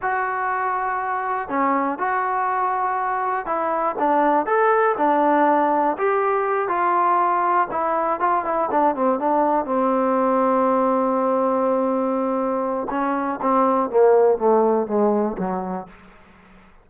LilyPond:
\new Staff \with { instrumentName = "trombone" } { \time 4/4 \tempo 4 = 121 fis'2. cis'4 | fis'2. e'4 | d'4 a'4 d'2 | g'4. f'2 e'8~ |
e'8 f'8 e'8 d'8 c'8 d'4 c'8~ | c'1~ | c'2 cis'4 c'4 | ais4 a4 gis4 fis4 | }